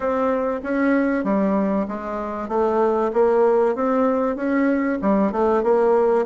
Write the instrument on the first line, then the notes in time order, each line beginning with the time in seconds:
bassoon
0.00 C4
0.63 C#4
1.24 G3
1.88 G#3
2.48 A3
3.13 A#3
3.75 C4
4.36 C#4
5.01 G3
5.32 A3
5.63 A#3